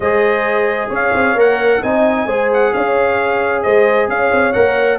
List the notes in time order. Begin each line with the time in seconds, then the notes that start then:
0.00 G#3 G#4 C5 D#5
0.89 C#4 C#5 F5
1.13 C4
1.34 A#3 A#4 F#5
1.82 C4 D#4 D#5 G#5
2.26 G#3 G#4 C5
2.53 F#5
2.73 C#4 C#5 F5
3.62 G#3 C5 D#5
4.08 C#4 C#5 F5
4.31 C4
4.52 A#3 A#4 F#5